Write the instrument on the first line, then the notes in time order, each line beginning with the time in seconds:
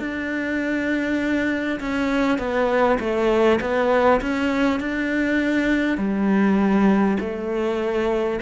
cello
0.00 D4
1.81 C#4
2.38 B3
2.99 A3
3.61 B3
4.21 C#4
4.81 D4
5.98 G3
7.21 A3